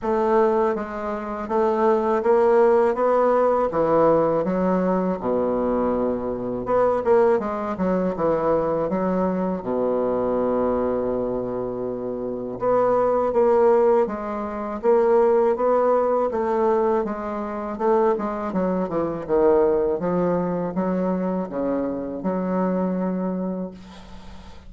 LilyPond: \new Staff \with { instrumentName = "bassoon" } { \time 4/4 \tempo 4 = 81 a4 gis4 a4 ais4 | b4 e4 fis4 b,4~ | b,4 b8 ais8 gis8 fis8 e4 | fis4 b,2.~ |
b,4 b4 ais4 gis4 | ais4 b4 a4 gis4 | a8 gis8 fis8 e8 dis4 f4 | fis4 cis4 fis2 | }